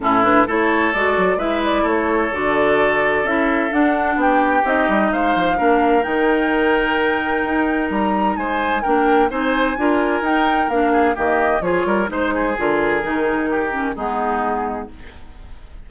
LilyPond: <<
  \new Staff \with { instrumentName = "flute" } { \time 4/4 \tempo 4 = 129 a'8 b'8 cis''4 d''4 e''8 d''8 | cis''4 d''2 e''4 | fis''4 g''4 dis''4 f''4~ | f''4 g''2.~ |
g''4 ais''4 gis''4 g''4 | gis''2 g''4 f''4 | dis''4 cis''4 c''4 ais'4~ | ais'2 gis'2 | }
  \new Staff \with { instrumentName = "oboe" } { \time 4/4 e'4 a'2 b'4 | a'1~ | a'4 g'2 c''4 | ais'1~ |
ais'2 c''4 ais'4 | c''4 ais'2~ ais'8 gis'8 | g'4 gis'8 ais'8 c''8 gis'4.~ | gis'4 g'4 dis'2 | }
  \new Staff \with { instrumentName = "clarinet" } { \time 4/4 cis'8 d'8 e'4 fis'4 e'4~ | e'4 fis'2 e'4 | d'2 dis'2 | d'4 dis'2.~ |
dis'2. d'4 | dis'4 f'4 dis'4 d'4 | ais4 f'4 dis'4 f'4 | dis'4. cis'8 b2 | }
  \new Staff \with { instrumentName = "bassoon" } { \time 4/4 a,4 a4 gis8 fis8 gis4 | a4 d2 cis'4 | d'4 b4 c'8 g8 gis8 f8 | ais4 dis2. |
dis'4 g4 gis4 ais4 | c'4 d'4 dis'4 ais4 | dis4 f8 g8 gis4 d4 | dis2 gis2 | }
>>